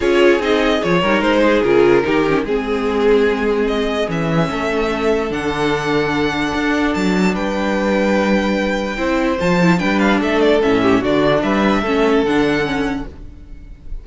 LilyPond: <<
  \new Staff \with { instrumentName = "violin" } { \time 4/4 \tempo 4 = 147 cis''4 dis''4 cis''4 c''4 | ais'2 gis'2~ | gis'4 dis''4 e''2~ | e''4 fis''2.~ |
fis''4 a''4 g''2~ | g''2. a''4 | g''8 f''8 e''8 d''8 e''4 d''4 | e''2 fis''2 | }
  \new Staff \with { instrumentName = "violin" } { \time 4/4 gis'2~ gis'8 ais'4 gis'8~ | gis'4 g'4 gis'2~ | gis'2. a'4~ | a'1~ |
a'2 b'2~ | b'2 c''2 | b'4 a'4. g'8 fis'4 | b'4 a'2. | }
  \new Staff \with { instrumentName = "viola" } { \time 4/4 f'4 dis'4 f'8 dis'4. | f'4 dis'8 cis'8 c'2~ | c'2 cis'2~ | cis'4 d'2.~ |
d'1~ | d'2 e'4 f'8 e'8 | d'2 cis'4 d'4~ | d'4 cis'4 d'4 cis'4 | }
  \new Staff \with { instrumentName = "cello" } { \time 4/4 cis'4 c'4 f8 g8 gis4 | cis4 dis4 gis2~ | gis2 e4 a4~ | a4 d2. |
d'4 fis4 g2~ | g2 c'4 f4 | g4 a4 a,4 d4 | g4 a4 d2 | }
>>